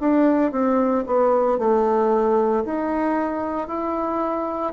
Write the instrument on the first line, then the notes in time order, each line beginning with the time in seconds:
bassoon
0.00 D4
0.52 C4
1.07 B3
1.59 A3
2.65 D#4
3.68 E4